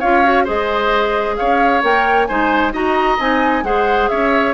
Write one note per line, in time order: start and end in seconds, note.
0.00 0.48 C#4
0.00 0.24 F4
0.00 0.44 C#5
0.00 0.46 F5
0.24 0.46 F#4
0.44 1.40 G#3
0.44 1.82 G#4
0.44 1.35 C5
0.44 1.37 D#5
1.37 1.83 C#4
1.37 2.28 C#5
1.37 1.82 F5
1.83 2.29 A#3
1.83 2.28 A#4
1.83 2.26 G5
2.26 2.73 G#3
2.26 2.72 D#4
2.26 2.73 C5
2.26 2.71 G#5
2.72 3.19 D#4
2.72 3.18 F#4
2.72 3.64 D#5
2.72 3.20 A#5
3.19 3.63 C4
3.19 3.64 D#4
3.19 3.64 G#5
3.63 4.09 G#3
3.63 4.54 G#4
3.63 4.10 C5
3.63 4.09 F#5
4.09 4.54 C#4
4.09 4.54 C#5
4.09 4.54 E5